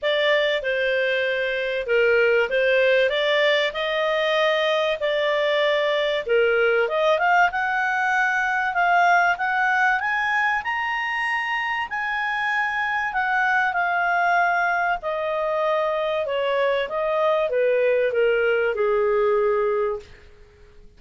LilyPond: \new Staff \with { instrumentName = "clarinet" } { \time 4/4 \tempo 4 = 96 d''4 c''2 ais'4 | c''4 d''4 dis''2 | d''2 ais'4 dis''8 f''8 | fis''2 f''4 fis''4 |
gis''4 ais''2 gis''4~ | gis''4 fis''4 f''2 | dis''2 cis''4 dis''4 | b'4 ais'4 gis'2 | }